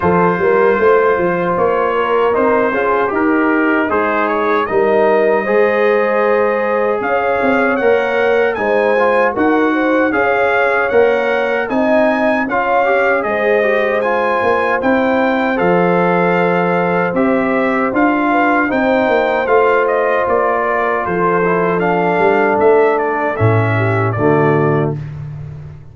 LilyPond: <<
  \new Staff \with { instrumentName = "trumpet" } { \time 4/4 \tempo 4 = 77 c''2 cis''4 c''4 | ais'4 c''8 cis''8 dis''2~ | dis''4 f''4 fis''4 gis''4 | fis''4 f''4 fis''4 gis''4 |
f''4 dis''4 gis''4 g''4 | f''2 e''4 f''4 | g''4 f''8 dis''8 d''4 c''4 | f''4 e''8 d''8 e''4 d''4 | }
  \new Staff \with { instrumentName = "horn" } { \time 4/4 a'8 ais'8 c''4. ais'4 gis'8 | dis'2 ais'4 c''4~ | c''4 cis''2 c''4 | ais'8 c''8 cis''2 dis''4 |
cis''4 c''2.~ | c''2.~ c''8 b'8 | c''2~ c''8 ais'8 a'4~ | a'2~ a'8 g'8 fis'4 | }
  \new Staff \with { instrumentName = "trombone" } { \time 4/4 f'2. dis'8 f'8 | g'4 gis'4 dis'4 gis'4~ | gis'2 ais'4 dis'8 f'8 | fis'4 gis'4 ais'4 dis'4 |
f'8 g'8 gis'8 g'8 f'4 e'4 | a'2 g'4 f'4 | dis'4 f'2~ f'8 e'8 | d'2 cis'4 a4 | }
  \new Staff \with { instrumentName = "tuba" } { \time 4/4 f8 g8 a8 f8 ais4 c'8 cis'8 | dis'4 gis4 g4 gis4~ | gis4 cis'8 c'8 ais4 gis4 | dis'4 cis'4 ais4 c'4 |
cis'4 gis4. ais8 c'4 | f2 c'4 d'4 | c'8 ais8 a4 ais4 f4~ | f8 g8 a4 a,4 d4 | }
>>